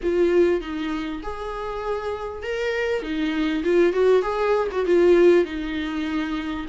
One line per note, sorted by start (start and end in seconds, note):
0.02 0.61 F4
0.61 1.21 D#4
1.23 2.42 G#4
2.42 3.02 A#4
3.02 3.63 D#4
3.63 3.93 F4
3.93 4.22 F#4
4.22 4.67 G#4
4.71 4.86 F#4
4.86 5.44 F4
5.44 6.66 D#4